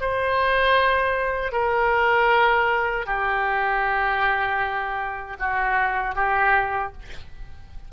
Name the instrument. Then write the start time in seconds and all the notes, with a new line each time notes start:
oboe
0.00 C5
1.52 A#4
3.06 G4
5.39 F#4
6.15 G4